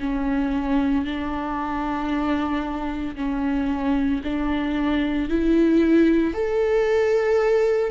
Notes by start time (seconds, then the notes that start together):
0.00 C#4
1.05 D4
3.16 C#4
4.24 D4
5.30 E4
6.34 A4